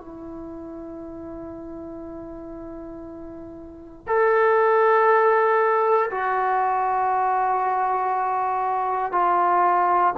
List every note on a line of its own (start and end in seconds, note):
0.00 4.07 E4
4.07 6.10 A4
6.11 9.12 F#4
9.12 10.14 F4